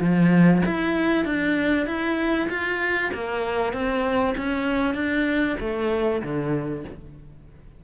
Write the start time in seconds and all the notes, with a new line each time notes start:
0.00 F3
0.66 E4
1.25 D4
1.87 E4
2.49 F4
3.14 A#3
3.73 C4
4.37 C#4
4.95 D4
5.60 A3
6.22 D3